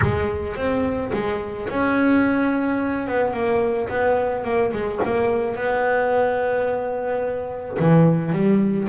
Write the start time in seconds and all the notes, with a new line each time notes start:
0.01 G#3
0.56 C4
1.13 G#3
1.69 C#4
3.07 B3
3.33 A#3
3.88 B3
4.44 A#3
4.72 G#3
5.04 A#3
5.55 B3
7.79 E3
8.32 G3